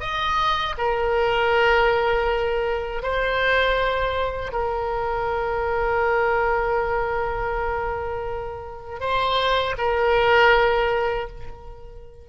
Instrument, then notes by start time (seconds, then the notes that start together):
oboe
0.00 D#5
0.78 A#4
3.02 C5
4.52 A#4
9.00 C5
9.78 A#4